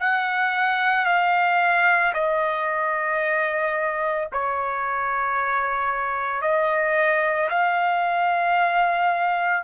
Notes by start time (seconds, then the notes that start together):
0.00 F#5
1.06 F5
2.14 D#5
4.32 C#5
6.41 D#5
7.50 F5